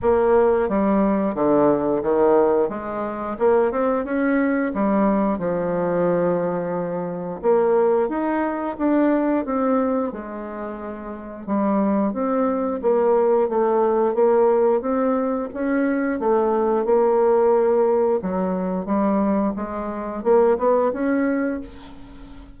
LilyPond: \new Staff \with { instrumentName = "bassoon" } { \time 4/4 \tempo 4 = 89 ais4 g4 d4 dis4 | gis4 ais8 c'8 cis'4 g4 | f2. ais4 | dis'4 d'4 c'4 gis4~ |
gis4 g4 c'4 ais4 | a4 ais4 c'4 cis'4 | a4 ais2 fis4 | g4 gis4 ais8 b8 cis'4 | }